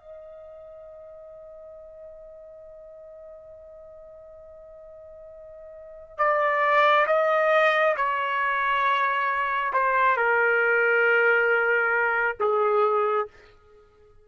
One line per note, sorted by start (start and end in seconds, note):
0.00 6.18 D#5
6.18 7.06 D5
7.07 7.95 D#5
7.97 9.73 C#5
9.73 10.17 C5
10.17 12.38 A#4
12.40 13.28 G#4